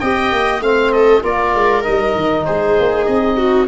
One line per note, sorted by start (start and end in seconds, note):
0.00 0.32 C4
0.00 0.62 G4
0.00 0.62 D#5
0.00 0.61 G5
0.32 0.61 A#3
0.61 1.22 A3
0.61 1.23 C4
0.61 0.93 F5
0.61 0.92 F5
0.92 1.23 A4
0.92 1.23 D#5
1.23 1.55 A#3
1.23 1.83 F4
1.23 2.46 A#4
1.23 1.84 D5
1.55 1.85 G#3
1.83 2.16 G3
1.83 3.67 D#4
1.83 2.45 D#5
2.16 2.46 D#3
2.45 2.79 G#3
2.45 3.37 G#4
2.45 3.06 C5
2.80 3.08 A#3
3.06 3.68 C4
3.06 3.67 D#5
3.37 3.68 F#4